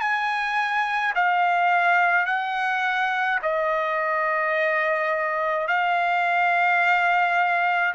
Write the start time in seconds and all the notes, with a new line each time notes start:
0.00 G#5
1.15 F5
2.26 F#5
3.42 D#5
5.67 F5